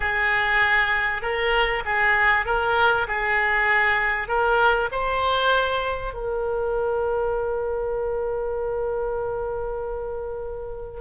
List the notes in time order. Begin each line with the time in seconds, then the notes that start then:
0.00 G#4
1.22 A#4
1.85 G#4
2.45 A#4
3.07 G#4
4.28 A#4
4.91 C5
6.13 A#4